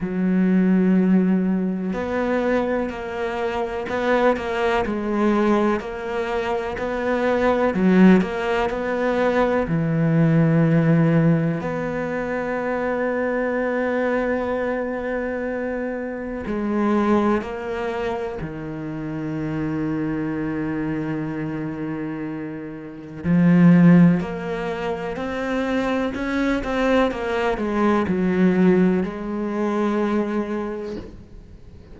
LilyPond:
\new Staff \with { instrumentName = "cello" } { \time 4/4 \tempo 4 = 62 fis2 b4 ais4 | b8 ais8 gis4 ais4 b4 | fis8 ais8 b4 e2 | b1~ |
b4 gis4 ais4 dis4~ | dis1 | f4 ais4 c'4 cis'8 c'8 | ais8 gis8 fis4 gis2 | }